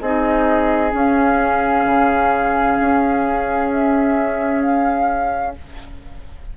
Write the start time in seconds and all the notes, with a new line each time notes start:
0.00 C4 D#4 G#4 D#5
0.90 C#4
0.97 F5
1.85 C#3
2.80 C#4
3.72 E5
4.62 F5